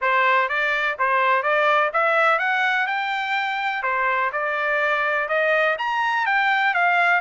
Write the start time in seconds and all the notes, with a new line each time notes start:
0.01 C5
0.48 D5
0.99 C5
1.42 D5
1.93 E5
2.38 F#5
2.86 G5
3.82 C5
4.32 D5
5.28 D#5
5.78 A#5
6.25 G5
6.74 F5